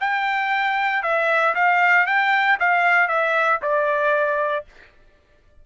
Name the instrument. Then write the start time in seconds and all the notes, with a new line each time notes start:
trumpet
0.00 G5
1.03 E5
1.54 F5
2.06 G5
2.59 F5
3.08 E5
3.62 D5